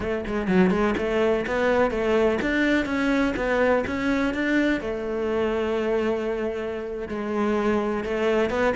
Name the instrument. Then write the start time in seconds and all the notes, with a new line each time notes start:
cello
0.00 A3
0.27 G#3
0.47 F#3
0.70 G#3
0.97 A3
1.46 B3
1.90 A3
2.41 D4
2.85 C#4
3.36 B3
3.86 C#4
4.34 D4
4.80 A3
7.08 G#3
8.03 A3
8.50 B3